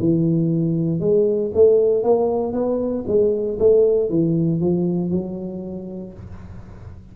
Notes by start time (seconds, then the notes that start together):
0.00 E3
1.00 G#3
1.55 A3
2.03 A#3
2.53 B3
3.07 G#3
3.60 A3
4.10 E3
4.61 F3
5.11 F#3